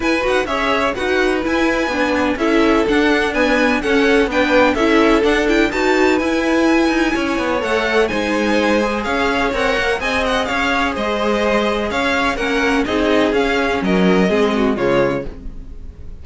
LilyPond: <<
  \new Staff \with { instrumentName = "violin" } { \time 4/4 \tempo 4 = 126 gis''8 fis''8 e''4 fis''4 gis''4~ | gis''4 e''4 fis''4 gis''4 | fis''4 g''4 e''4 fis''8 g''8 | a''4 gis''2. |
fis''4 gis''2 f''4 | fis''4 gis''8 fis''8 f''4 dis''4~ | dis''4 f''4 fis''4 dis''4 | f''4 dis''2 cis''4 | }
  \new Staff \with { instrumentName = "violin" } { \time 4/4 b'4 cis''4 b'2~ | b'4 a'2 b'4 | a'4 b'4 a'2 | b'2. cis''4~ |
cis''4 c''2 cis''4~ | cis''4 dis''4 cis''4 c''4~ | c''4 cis''4 ais'4 gis'4~ | gis'4 ais'4 gis'8 fis'8 f'4 | }
  \new Staff \with { instrumentName = "viola" } { \time 4/4 e'8 fis'8 gis'4 fis'4 e'4 | d'4 e'4 d'4 b4 | cis'4 d'4 e'4 d'8 e'8 | fis'4 e'2. |
a'4 dis'4. gis'4. | ais'4 gis'2.~ | gis'2 cis'4 dis'4 | cis'2 c'4 gis4 | }
  \new Staff \with { instrumentName = "cello" } { \time 4/4 e'8 dis'8 cis'4 dis'4 e'4 | b4 cis'4 d'2 | cis'4 b4 cis'4 d'4 | dis'4 e'4. dis'8 cis'8 b8 |
a4 gis2 cis'4 | c'8 ais8 c'4 cis'4 gis4~ | gis4 cis'4 ais4 c'4 | cis'4 fis4 gis4 cis4 | }
>>